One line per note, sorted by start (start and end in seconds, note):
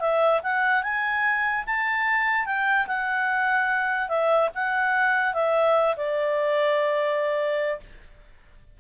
0.00 0.41 E5
0.43 0.83 F#5
0.83 1.65 G#5
1.66 2.46 A5
2.46 2.86 G5
2.87 4.09 F#5
4.09 4.49 E5
4.55 5.34 F#5
5.34 5.95 E5
5.97 7.80 D5